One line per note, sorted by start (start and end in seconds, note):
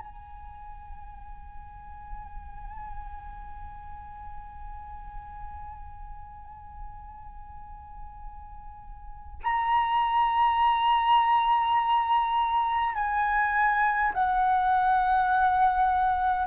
0.00 9.41 G#5
9.44 12.95 A#5
12.95 14.13 G#5
14.14 16.48 F#5